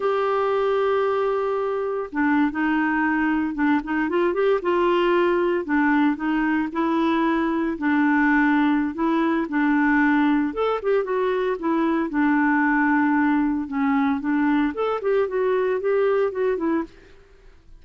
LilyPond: \new Staff \with { instrumentName = "clarinet" } { \time 4/4 \tempo 4 = 114 g'1 | d'8. dis'2 d'8 dis'8 f'16~ | f'16 g'8 f'2 d'4 dis'16~ | dis'8. e'2 d'4~ d'16~ |
d'4 e'4 d'2 | a'8 g'8 fis'4 e'4 d'4~ | d'2 cis'4 d'4 | a'8 g'8 fis'4 g'4 fis'8 e'8 | }